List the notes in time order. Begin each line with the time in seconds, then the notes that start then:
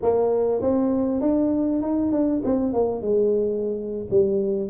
0.02 A#3
0.61 C4
1.21 D4
1.82 D#4
2.12 D4
2.44 C4
2.73 A#3
3.01 G#3
4.10 G3